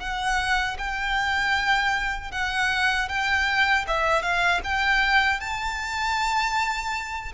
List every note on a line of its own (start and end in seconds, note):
0.00 0.77 F#5
0.78 2.32 G5
2.32 3.09 F#5
3.09 3.86 G5
3.87 4.22 E5
4.22 4.61 F5
4.64 5.40 G5
5.40 7.33 A5